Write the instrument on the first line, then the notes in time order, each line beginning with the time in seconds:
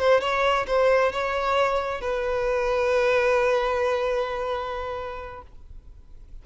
violin
0.00 C5
0.21 C#5
0.67 C5
1.13 C#5
2.02 B4